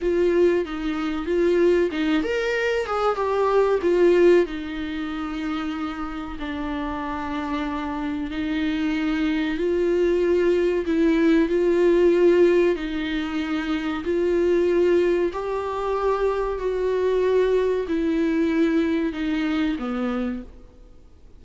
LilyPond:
\new Staff \with { instrumentName = "viola" } { \time 4/4 \tempo 4 = 94 f'4 dis'4 f'4 dis'8 ais'8~ | ais'8 gis'8 g'4 f'4 dis'4~ | dis'2 d'2~ | d'4 dis'2 f'4~ |
f'4 e'4 f'2 | dis'2 f'2 | g'2 fis'2 | e'2 dis'4 b4 | }